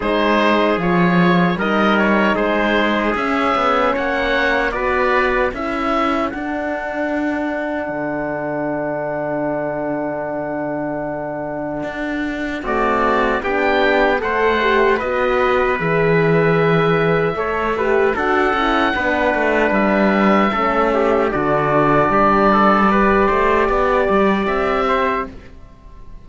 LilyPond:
<<
  \new Staff \with { instrumentName = "oboe" } { \time 4/4 \tempo 4 = 76 c''4 cis''4 dis''8 cis''8 c''4 | e''4 fis''4 d''4 e''4 | fis''1~ | fis''1 |
d''4 g''4 fis''4 dis''4 | e''2. fis''4~ | fis''4 e''2 d''4~ | d''2. e''4 | }
  \new Staff \with { instrumentName = "trumpet" } { \time 4/4 gis'2 ais'4 gis'4~ | gis'4 cis''4 b'4 a'4~ | a'1~ | a'1 |
fis'4 g'4 c''4 b'4~ | b'2 cis''8 b'8 a'4 | b'2 a'8 g'8 fis'4 | g'8 a'8 b'8 c''8 d''4. c''8 | }
  \new Staff \with { instrumentName = "horn" } { \time 4/4 dis'4 f'4 dis'2 | cis'2 fis'4 e'4 | d'1~ | d'1 |
a4 d'4 a'8 g'8 fis'4 | gis'2 a'8 g'8 fis'8 e'8 | d'2 cis'4 d'4~ | d'4 g'2. | }
  \new Staff \with { instrumentName = "cello" } { \time 4/4 gis4 f4 g4 gis4 | cis'8 b8 ais4 b4 cis'4 | d'2 d2~ | d2. d'4 |
c'4 b4 a4 b4 | e2 a4 d'8 cis'8 | b8 a8 g4 a4 d4 | g4. a8 b8 g8 c'4 | }
>>